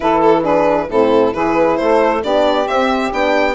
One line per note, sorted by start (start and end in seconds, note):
0.00 0.88 E3
0.00 0.43 E4
0.00 0.41 A4
0.00 0.20 B4
0.21 0.43 A4
0.41 0.88 D4
0.41 0.86 G#4
0.41 0.89 B4
0.88 1.32 A2
0.88 1.32 C4
0.88 1.34 E4
0.88 1.33 A4
1.32 1.79 E3
1.32 2.21 E4
1.32 1.78 G#4
1.32 1.77 B4
1.77 2.24 A3
1.77 2.22 A4
1.77 2.21 C5
2.22 2.66 B3
2.22 2.66 D4
2.22 3.54 G4
2.22 2.67 D5
2.66 3.10 C4
2.66 3.11 C4
2.66 3.12 E5
3.11 3.54 B3
3.11 3.54 D4
3.11 3.54 G5